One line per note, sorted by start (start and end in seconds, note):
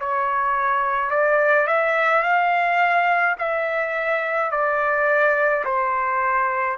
0.00 1.11 C#5
1.11 1.67 D5
1.67 2.23 E5
2.23 3.36 F5
3.39 4.51 E5
4.51 5.64 D5
5.65 6.78 C5